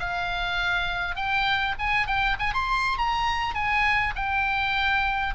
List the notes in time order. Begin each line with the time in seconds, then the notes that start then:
0.00 F5
1.16 G5
1.79 G#5
2.07 G5
2.40 G#5
2.54 C6
2.99 A#5
3.55 G#5
4.16 G5